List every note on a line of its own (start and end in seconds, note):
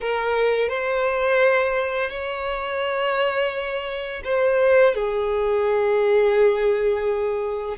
0.00 0.69 A#4
0.69 2.10 C5
2.10 4.22 C#5
4.24 4.94 C5
4.94 7.76 G#4